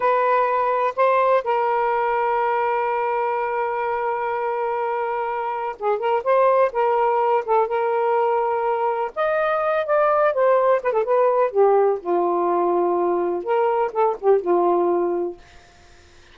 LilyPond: \new Staff \with { instrumentName = "saxophone" } { \time 4/4 \tempo 4 = 125 b'2 c''4 ais'4~ | ais'1~ | ais'1 | gis'8 ais'8 c''4 ais'4. a'8 |
ais'2. dis''4~ | dis''8 d''4 c''4 b'16 a'16 b'4 | g'4 f'2. | ais'4 a'8 g'8 f'2 | }